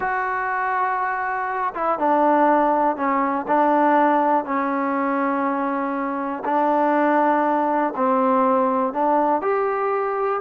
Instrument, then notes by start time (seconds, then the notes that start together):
trombone
0.00 F#4
1.74 E4
1.99 D4
2.96 C#4
3.47 D4
4.44 C#4
6.44 D4
7.95 C4
8.93 D4
9.41 G4